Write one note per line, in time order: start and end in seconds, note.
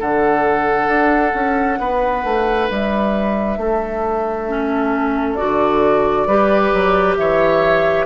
0.00 0.88 D3
0.00 4.49 D4
0.00 1.79 A4
0.00 2.69 F#5
0.88 1.33 D4
1.34 1.79 C#4
1.80 2.24 B3
1.80 3.59 B4
2.24 2.69 A3
2.69 3.57 G3
2.69 5.36 E5
3.57 5.37 A3
3.57 6.27 A4
4.49 5.38 C#4
5.36 6.27 F#4
5.36 7.15 D5
5.42 6.27 D3
6.27 6.72 G3
6.27 8.06 G4
6.27 7.17 B4
6.73 7.18 F#3
7.17 8.06 E3
7.17 8.06 C#5
7.17 8.06 E5